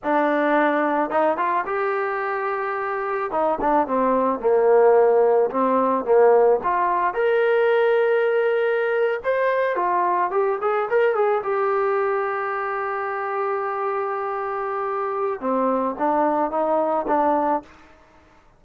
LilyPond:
\new Staff \with { instrumentName = "trombone" } { \time 4/4 \tempo 4 = 109 d'2 dis'8 f'8 g'4~ | g'2 dis'8 d'8 c'4 | ais2 c'4 ais4 | f'4 ais'2.~ |
ais'8. c''4 f'4 g'8 gis'8 ais'16~ | ais'16 gis'8 g'2.~ g'16~ | g'1 | c'4 d'4 dis'4 d'4 | }